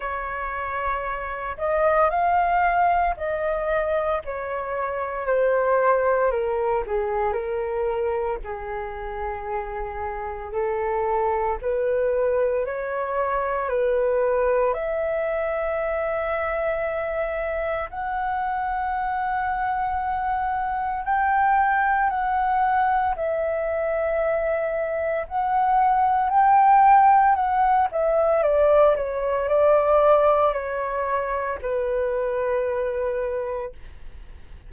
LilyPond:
\new Staff \with { instrumentName = "flute" } { \time 4/4 \tempo 4 = 57 cis''4. dis''8 f''4 dis''4 | cis''4 c''4 ais'8 gis'8 ais'4 | gis'2 a'4 b'4 | cis''4 b'4 e''2~ |
e''4 fis''2. | g''4 fis''4 e''2 | fis''4 g''4 fis''8 e''8 d''8 cis''8 | d''4 cis''4 b'2 | }